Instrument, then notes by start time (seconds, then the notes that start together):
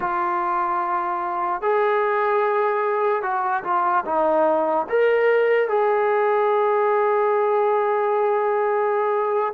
trombone
0.00 F4
1.61 G#4
3.22 F#4
3.63 F4
4.05 D#4
4.89 A#4
5.68 G#4